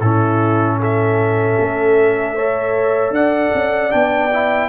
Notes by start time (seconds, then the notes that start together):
0.00 A2 C#4 E4 A4
0.80 A4 E5
1.59 A3
2.36 A4 C#5
3.10 D4 D5 F#5
3.54 C#4
3.90 B3 D4 G5
4.33 E4